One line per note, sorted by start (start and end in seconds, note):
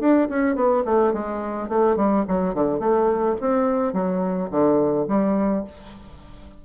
0.00 0.28 D4
0.30 0.56 C#4
0.56 0.84 B3
0.85 1.13 A3
1.13 1.69 G#3
1.69 1.97 A3
1.97 2.25 G3
2.28 2.54 F#3
2.54 2.80 D3
2.80 3.36 A3
3.41 3.93 C4
3.93 4.49 F#3
4.51 5.07 D3
5.08 5.64 G3